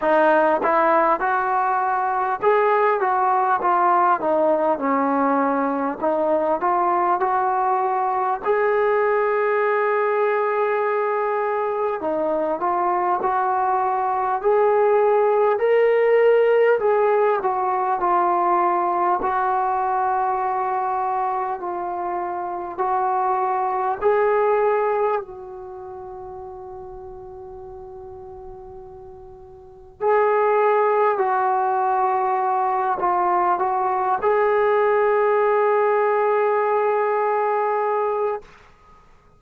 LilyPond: \new Staff \with { instrumentName = "trombone" } { \time 4/4 \tempo 4 = 50 dis'8 e'8 fis'4 gis'8 fis'8 f'8 dis'8 | cis'4 dis'8 f'8 fis'4 gis'4~ | gis'2 dis'8 f'8 fis'4 | gis'4 ais'4 gis'8 fis'8 f'4 |
fis'2 f'4 fis'4 | gis'4 fis'2.~ | fis'4 gis'4 fis'4. f'8 | fis'8 gis'2.~ gis'8 | }